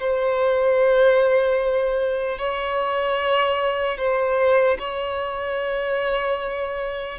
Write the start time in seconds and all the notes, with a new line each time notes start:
0.00 C5
2.39 C#5
3.98 C5
4.79 C#5